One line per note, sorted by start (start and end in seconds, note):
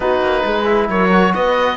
0.00 0.21 B3
0.00 0.64 D#4
0.00 0.44 F#4
0.00 0.88 B4
0.21 0.43 A#3
0.44 0.88 G#3
0.44 0.89 G#4
0.64 1.09 E4
0.88 1.33 F#3
0.88 1.34 A#4
0.88 1.34 C#5
1.12 1.76 F#4
1.34 1.76 B3
1.34 1.76 B4
1.34 1.76 D#5